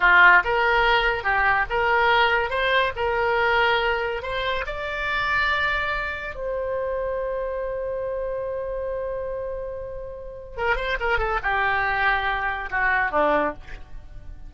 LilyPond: \new Staff \with { instrumentName = "oboe" } { \time 4/4 \tempo 4 = 142 f'4 ais'2 g'4 | ais'2 c''4 ais'4~ | ais'2 c''4 d''4~ | d''2. c''4~ |
c''1~ | c''1~ | c''4 ais'8 c''8 ais'8 a'8 g'4~ | g'2 fis'4 d'4 | }